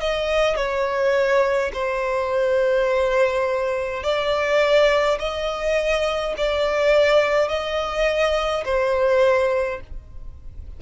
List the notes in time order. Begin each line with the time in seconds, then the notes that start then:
0.00 D#5
0.56 C#5
1.73 C5
4.03 D5
5.19 D#5
6.37 D5
7.48 D#5
8.65 C5